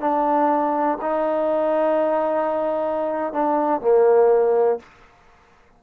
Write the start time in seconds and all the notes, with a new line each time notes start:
0.00 D4
1.01 D#4
3.33 D4
3.81 A#3